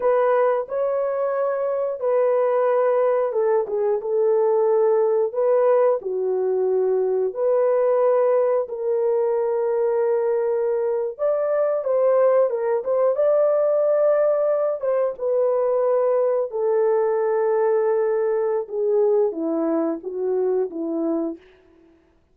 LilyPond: \new Staff \with { instrumentName = "horn" } { \time 4/4 \tempo 4 = 90 b'4 cis''2 b'4~ | b'4 a'8 gis'8 a'2 | b'4 fis'2 b'4~ | b'4 ais'2.~ |
ais'8. d''4 c''4 ais'8 c''8 d''16~ | d''2~ d''16 c''8 b'4~ b'16~ | b'8. a'2.~ a'16 | gis'4 e'4 fis'4 e'4 | }